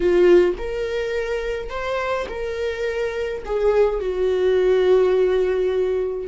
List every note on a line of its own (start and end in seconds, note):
0.00 0.54 F4
0.57 1.69 A#4
1.69 2.26 C5
2.28 3.43 A#4
3.45 3.99 G#4
3.99 6.27 F#4